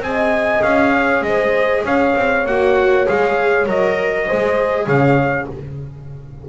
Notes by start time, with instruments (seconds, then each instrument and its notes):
0.00 double bass C4, viola G#4, trumpet G#5
0.08 horn D#5
0.62 double bass C#4, trumpet F5
0.94 horn C#5
1.21 double bass G#3, horn C5, trumpet D#5
1.84 double bass C#4, horn C#5, trumpet F5
2.16 double bass C4
2.46 double bass A#3, viola F#4, trumpet F#5
3.07 double bass G#3, viola G#4, trumpet F5
3.66 double bass F#3, viola A#4, trumpet D#5
4.26 double bass G#3, viola G#4, horn C5
4.86 double bass C#3, horn C#5, trumpet F5